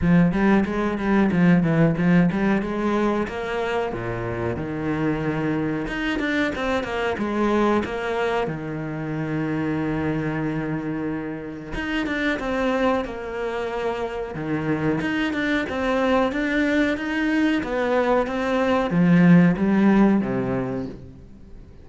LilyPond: \new Staff \with { instrumentName = "cello" } { \time 4/4 \tempo 4 = 92 f8 g8 gis8 g8 f8 e8 f8 g8 | gis4 ais4 ais,4 dis4~ | dis4 dis'8 d'8 c'8 ais8 gis4 | ais4 dis2.~ |
dis2 dis'8 d'8 c'4 | ais2 dis4 dis'8 d'8 | c'4 d'4 dis'4 b4 | c'4 f4 g4 c4 | }